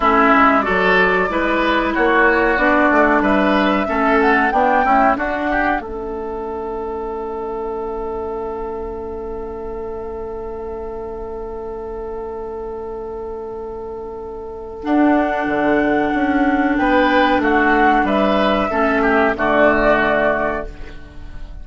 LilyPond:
<<
  \new Staff \with { instrumentName = "flute" } { \time 4/4 \tempo 4 = 93 e''4 d''2 cis''4 | d''4 e''4. fis''8 g''4 | fis''4 e''2.~ | e''1~ |
e''1~ | e''2. fis''4~ | fis''2 g''4 fis''4 | e''2 d''2 | }
  \new Staff \with { instrumentName = "oboe" } { \time 4/4 e'4 a'4 b'4 fis'4~ | fis'4 b'4 a'4 d'8 e'8 | fis'8 g'8 a'2.~ | a'1~ |
a'1~ | a'1~ | a'2 b'4 fis'4 | b'4 a'8 g'8 fis'2 | }
  \new Staff \with { instrumentName = "clarinet" } { \time 4/4 cis'4 fis'4 e'2 | d'2 cis'4 b8 a8 | d'4 cis'2.~ | cis'1~ |
cis'1~ | cis'2. d'4~ | d'1~ | d'4 cis'4 a2 | }
  \new Staff \with { instrumentName = "bassoon" } { \time 4/4 a8 gis8 fis4 gis4 ais4 | b8 a8 g4 a4 b8 cis'8 | d'4 a2.~ | a1~ |
a1~ | a2. d'4 | d4 cis'4 b4 a4 | g4 a4 d2 | }
>>